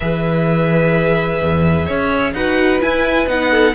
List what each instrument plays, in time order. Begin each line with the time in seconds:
0.00 cello E3, viola G#4, violin B4 E5
1.41 cello E2
1.85 cello C#4, violin C#5
2.33 cello D#4, viola F#4, violin B4 F#5
2.80 viola E4, cello E4, violin G#5
3.26 cello B3, viola D#4, violin F#5
3.50 violin A4